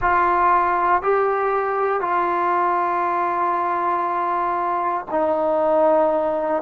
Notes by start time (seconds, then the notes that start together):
0.00 F4
1.02 G4
2.00 F4
5.11 D#4